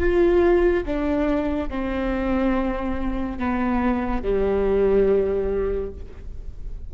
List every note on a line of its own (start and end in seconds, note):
0.00 0.85 F4
0.86 1.69 D4
1.69 3.38 C4
3.38 4.23 B3
4.23 5.92 G3